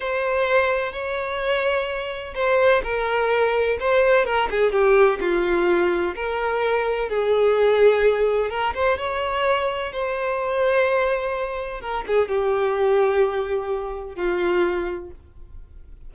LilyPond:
\new Staff \with { instrumentName = "violin" } { \time 4/4 \tempo 4 = 127 c''2 cis''2~ | cis''4 c''4 ais'2 | c''4 ais'8 gis'8 g'4 f'4~ | f'4 ais'2 gis'4~ |
gis'2 ais'8 c''8 cis''4~ | cis''4 c''2.~ | c''4 ais'8 gis'8 g'2~ | g'2 f'2 | }